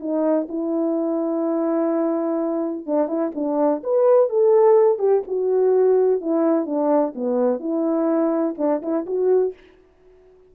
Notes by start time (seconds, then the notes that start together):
0.00 D#4
0.49 E4
2.87 D4
3.08 E4
3.35 D4
3.84 B4
4.30 A4
4.99 G4
5.27 F#4
6.21 E4
6.66 D4
7.15 B3
7.60 E4
8.58 D4
8.82 E4
9.06 F#4